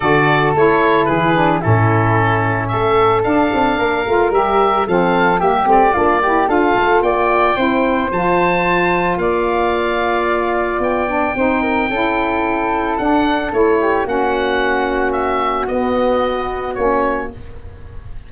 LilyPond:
<<
  \new Staff \with { instrumentName = "oboe" } { \time 4/4 \tempo 4 = 111 d''4 cis''4 b'4 a'4~ | a'4 e''4 f''2 | e''4 f''4 e''8 d''4. | f''4 g''2 a''4~ |
a''4 f''2. | g''1 | fis''4 cis''4 fis''2 | e''4 dis''2 cis''4 | }
  \new Staff \with { instrumentName = "flute" } { \time 4/4 a'2 gis'4 e'4~ | e'4 a'2 ais'4~ | ais'4 a'4 g'4 f'8 g'8 | a'4 d''4 c''2~ |
c''4 d''2.~ | d''4 c''8 ais'8 a'2~ | a'4. g'8 fis'2~ | fis'1 | }
  \new Staff \with { instrumentName = "saxophone" } { \time 4/4 fis'4 e'4. d'8 cis'4~ | cis'2 d'4. f'8 | g'4 c'4 ais8 c'8 d'8 e'8 | f'2 e'4 f'4~ |
f'1~ | f'8 d'8 dis'4 e'2 | d'4 e'4 cis'2~ | cis'4 b2 cis'4 | }
  \new Staff \with { instrumentName = "tuba" } { \time 4/4 d4 a4 e4 a,4~ | a,4 a4 d'8 c'8 ais8 a8 | g4 f4 g8 a8 ais4 | d'8 a8 ais4 c'4 f4~ |
f4 ais2. | b4 c'4 cis'2 | d'4 a4 ais2~ | ais4 b2 ais4 | }
>>